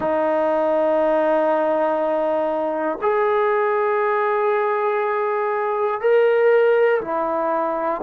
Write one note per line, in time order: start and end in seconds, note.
0.00 2.98 D#4
3.01 6.00 G#4
6.00 7.00 A#4
7.00 8.00 E4